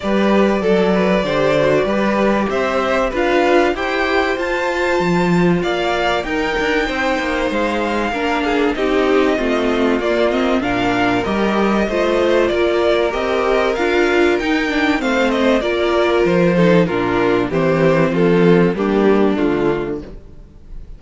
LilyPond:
<<
  \new Staff \with { instrumentName = "violin" } { \time 4/4 \tempo 4 = 96 d''1 | e''4 f''4 g''4 a''4~ | a''4 f''4 g''2 | f''2 dis''2 |
d''8 dis''8 f''4 dis''2 | d''4 dis''4 f''4 g''4 | f''8 dis''8 d''4 c''4 ais'4 | c''4 a'4 g'4 f'4 | }
  \new Staff \with { instrumentName = "violin" } { \time 4/4 b'4 a'8 b'8 c''4 b'4 | c''4 b'4 c''2~ | c''4 d''4 ais'4 c''4~ | c''4 ais'8 gis'8 g'4 f'4~ |
f'4 ais'2 c''4 | ais'1 | c''4 ais'4. a'8 f'4 | g'4 f'4 d'2 | }
  \new Staff \with { instrumentName = "viola" } { \time 4/4 g'4 a'4 g'8 fis'8 g'4~ | g'4 f'4 g'4 f'4~ | f'2 dis'2~ | dis'4 d'4 dis'4 c'4 |
ais8 c'8 d'4 g'4 f'4~ | f'4 g'4 f'4 dis'8 d'8 | c'4 f'4. dis'8 d'4 | c'2 ais4 a4 | }
  \new Staff \with { instrumentName = "cello" } { \time 4/4 g4 fis4 d4 g4 | c'4 d'4 e'4 f'4 | f4 ais4 dis'8 d'8 c'8 ais8 | gis4 ais4 c'4 a4 |
ais4 ais,4 g4 a4 | ais4 c'4 d'4 dis'4 | a4 ais4 f4 ais,4 | e4 f4 g4 d4 | }
>>